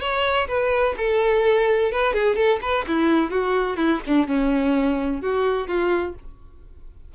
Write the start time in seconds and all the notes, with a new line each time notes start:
0.00 C#5
0.48 B4
0.97 A4
1.92 B4
2.13 G#4
2.36 A4
2.62 B4
2.87 E4
3.30 F#4
3.76 E4
4.07 D4
4.27 C#4
5.21 F#4
5.67 F4